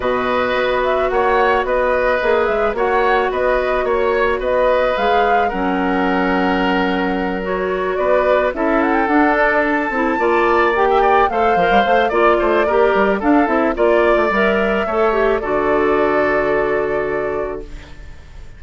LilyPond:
<<
  \new Staff \with { instrumentName = "flute" } { \time 4/4 \tempo 4 = 109 dis''4. e''8 fis''4 dis''4~ | dis''8 e''8 fis''4 dis''4 cis''4 | dis''4 f''4 fis''2~ | fis''4. cis''4 d''4 e''8 |
fis''16 g''16 fis''8 d''8 a''2 g''8~ | g''8 f''4. d''2 | f''8 e''8 d''4 e''2 | d''1 | }
  \new Staff \with { instrumentName = "oboe" } { \time 4/4 b'2 cis''4 b'4~ | b'4 cis''4 b'4 cis''4 | b'2 ais'2~ | ais'2~ ais'8 b'4 a'8~ |
a'2~ a'8 d''4~ d''16 e''16 | d''8 c''4. d''8 c''8 ais'4 | a'4 d''2 cis''4 | a'1 | }
  \new Staff \with { instrumentName = "clarinet" } { \time 4/4 fis'1 | gis'4 fis'2.~ | fis'4 gis'4 cis'2~ | cis'4. fis'2 e'8~ |
e'8 d'4. e'8 f'4 g'8~ | g'8 a'8 ais'8 c''8 f'4 g'4 | d'8 e'8 f'4 ais'4 a'8 g'8 | fis'1 | }
  \new Staff \with { instrumentName = "bassoon" } { \time 4/4 b,4 b4 ais4 b4 | ais8 gis8 ais4 b4 ais4 | b4 gis4 fis2~ | fis2~ fis8 b4 cis'8~ |
cis'8 d'4. c'8 ais4.~ | ais8 a8 f16 g16 a8 ais8 a8 ais8 g8 | d'8 c'8 ais8. a16 g4 a4 | d1 | }
>>